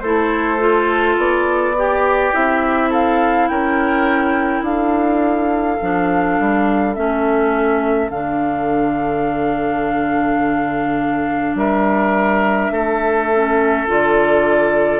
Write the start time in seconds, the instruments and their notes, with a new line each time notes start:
0.00 bassoon A3, clarinet E4, oboe A4, flute C5
0.59 clarinet F4
1.17 bassoon B3, flute D5
1.77 clarinet G4, oboe G4
2.32 bassoon C4, clarinet E4, flute E5
2.90 oboe A4, flute F5
3.48 bassoon C#4, oboe A#4, flute G5
4.62 bassoon D4, oboe A4, flute F5
5.81 bassoon F3, clarinet D4
6.39 bassoon G3
6.94 bassoon A3, clarinet C#4, flute E5
8.09 bassoon D3, clarinet D4, flute F5
11.55 bassoon G3, oboe A#4, flute E5
12.71 bassoon A3, oboe A4
13.34 clarinet C#4
13.87 bassoon D3, clarinet F4, flute D5